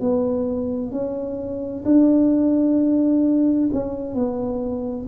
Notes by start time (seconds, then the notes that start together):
0.00 B3
0.91 C#4
1.85 D4
3.73 C#4
4.15 B3